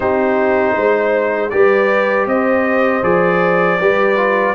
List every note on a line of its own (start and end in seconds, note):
0.00 0.74 C4
0.00 1.50 D#4
0.00 0.75 G4
0.00 1.50 C5
0.75 1.52 G#3
0.75 1.51 C5
1.50 2.25 G3
1.50 3.02 G4
1.50 2.28 B4
1.50 2.25 D5
2.25 3.01 C4
2.25 3.80 C5
2.25 3.03 D#5
3.02 3.79 F3
3.02 3.78 G#4
3.02 4.54 D5
3.80 4.54 G3
3.80 4.16 G4
3.80 4.54 B4
4.16 4.54 F4